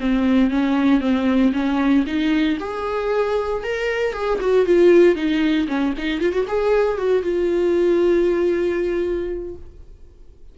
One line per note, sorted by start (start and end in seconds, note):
0.00 0.51 C4
0.51 1.00 C#4
1.00 1.52 C4
1.53 2.05 C#4
2.06 2.58 D#4
2.60 3.63 G#4
3.63 4.13 A#4
4.13 4.39 G#4
4.41 4.66 F#4
4.66 5.15 F4
5.15 5.67 D#4
5.68 5.93 C#4
5.98 6.20 D#4
6.20 6.33 F4
6.33 6.46 F#4
6.48 6.98 G#4
6.98 7.22 F#4
7.22 9.55 F4